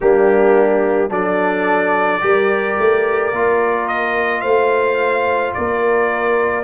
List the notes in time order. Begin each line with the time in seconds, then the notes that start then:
0.00 G3 A#3 D4 G4
1.08 F#3 D4 A4 D5
2.20 G3 G4 A#4
2.78 A3
3.32 A#3 F4
3.88 D#5
4.41 A3 C5 F5
5.53 A#3 A#4 D5